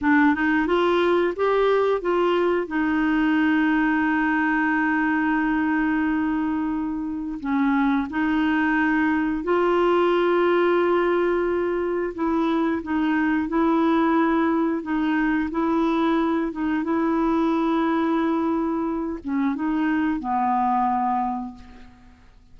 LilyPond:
\new Staff \with { instrumentName = "clarinet" } { \time 4/4 \tempo 4 = 89 d'8 dis'8 f'4 g'4 f'4 | dis'1~ | dis'2. cis'4 | dis'2 f'2~ |
f'2 e'4 dis'4 | e'2 dis'4 e'4~ | e'8 dis'8 e'2.~ | e'8 cis'8 dis'4 b2 | }